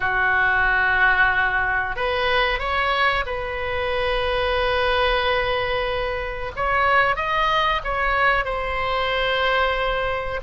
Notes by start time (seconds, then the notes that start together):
0.00 F#4
1.96 B4
2.59 C#5
3.26 B4
6.55 C#5
7.16 D#5
7.83 C#5
8.44 C5